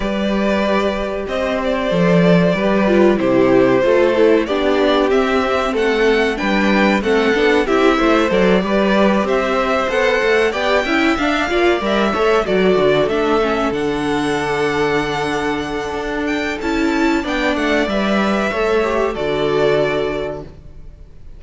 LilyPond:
<<
  \new Staff \with { instrumentName = "violin" } { \time 4/4 \tempo 4 = 94 d''2 dis''8 d''4.~ | d''4 c''2 d''4 | e''4 fis''4 g''4 fis''4 | e''4 d''4. e''4 fis''8~ |
fis''8 g''4 f''4 e''4 d''8~ | d''8 e''4 fis''2~ fis''8~ | fis''4. g''8 a''4 g''8 fis''8 | e''2 d''2 | }
  \new Staff \with { instrumentName = "violin" } { \time 4/4 b'2 c''2 | b'4 g'4 a'4 g'4~ | g'4 a'4 b'4 a'4 | g'8 c''4 b'4 c''4.~ |
c''8 d''8 e''4 d''4 cis''8 a'8~ | a'1~ | a'2. d''4~ | d''4 cis''4 a'2 | }
  \new Staff \with { instrumentName = "viola" } { \time 4/4 g'2. a'4 | g'8 f'8 e'4 f'8 e'8 d'4 | c'2 d'4 c'8 d'8 | e'4 a'8 g'2 a'8~ |
a'8 g'8 e'8 d'8 f'8 ais'8 a'8 fis'8~ | fis'8 d'8 cis'8 d'2~ d'8~ | d'2 e'4 d'4 | b'4 a'8 g'8 fis'2 | }
  \new Staff \with { instrumentName = "cello" } { \time 4/4 g2 c'4 f4 | g4 c4 a4 b4 | c'4 a4 g4 a8 b8 | c'8 a8 fis8 g4 c'4 b8 |
a8 b8 cis'8 d'8 ais8 g8 a8 fis8 | d8 a4 d2~ d8~ | d4 d'4 cis'4 b8 a8 | g4 a4 d2 | }
>>